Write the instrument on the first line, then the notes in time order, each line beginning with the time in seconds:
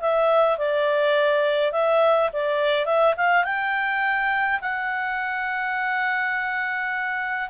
clarinet
0.00 E5
0.58 D5
1.72 E5
2.32 D5
2.85 E5
3.16 F5
3.44 G5
4.61 F#5